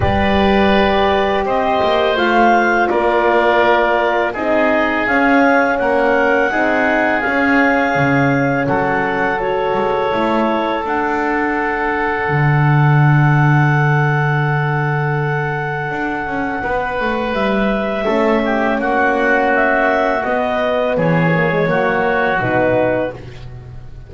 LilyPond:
<<
  \new Staff \with { instrumentName = "clarinet" } { \time 4/4 \tempo 4 = 83 d''2 dis''4 f''4 | d''2 dis''4 f''4 | fis''2 f''2 | fis''4 cis''2 fis''4~ |
fis''1~ | fis''1 | e''2 fis''4 e''4 | dis''4 cis''2 b'4 | }
  \new Staff \with { instrumentName = "oboe" } { \time 4/4 b'2 c''2 | ais'2 gis'2 | ais'4 gis'2. | a'1~ |
a'1~ | a'2. b'4~ | b'4 a'8 g'8 fis'2~ | fis'4 gis'4 fis'2 | }
  \new Staff \with { instrumentName = "horn" } { \time 4/4 g'2. f'4~ | f'2 dis'4 cis'4~ | cis'4 dis'4 cis'2~ | cis'4 fis'4 e'4 d'4~ |
d'1~ | d'1~ | d'4 cis'2. | b4. ais16 gis16 ais4 dis'4 | }
  \new Staff \with { instrumentName = "double bass" } { \time 4/4 g2 c'8 ais8 a4 | ais2 c'4 cis'4 | ais4 c'4 cis'4 cis4 | fis4. gis8 a4 d'4~ |
d'4 d2.~ | d2 d'8 cis'8 b8 a8 | g4 a4 ais2 | b4 e4 fis4 b,4 | }
>>